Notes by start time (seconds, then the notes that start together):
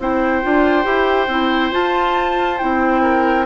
0.00 C4 E4 C5 G5
0.43 D4 F4
0.84 E4 G4
1.28 C4 E4
1.72 F4 A5
2.59 C4 E4 G5
3.03 A#4